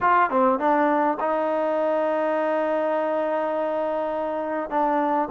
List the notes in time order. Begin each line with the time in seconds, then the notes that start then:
0.00 F4
0.30 C4
0.59 D4
1.20 D#4
4.70 D4